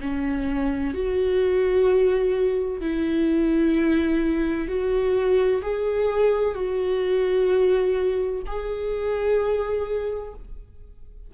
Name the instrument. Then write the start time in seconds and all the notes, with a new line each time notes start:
viola
0.00 C#4
0.93 F#4
2.80 E4
4.67 F#4
5.62 G#4
6.55 F#4
8.46 G#4